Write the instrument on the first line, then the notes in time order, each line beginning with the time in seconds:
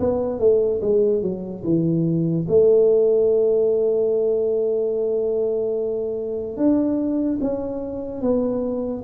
tuba
0.00 B3
0.39 A3
0.81 G#3
1.22 F#3
1.64 E3
2.48 A3
6.57 D4
7.41 C#4
8.21 B3